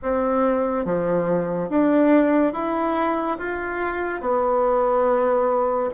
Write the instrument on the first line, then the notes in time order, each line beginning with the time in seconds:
bassoon
0.02 C4
0.85 F3
1.69 D4
2.53 E4
3.38 F4
4.21 B3